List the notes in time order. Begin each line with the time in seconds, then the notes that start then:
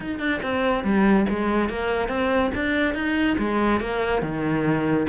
0.00 D#4
0.19 D4
0.42 C4
0.83 G3
1.29 G#3
1.69 A#3
2.08 C4
2.55 D4
2.94 D#4
3.38 G#3
3.80 A#3
4.22 D#3